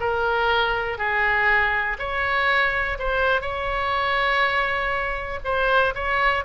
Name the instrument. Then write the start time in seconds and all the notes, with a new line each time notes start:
oboe
0.00 A#4
0.98 G#4
1.99 C#5
2.99 C5
3.41 C#5
5.45 C5
5.95 C#5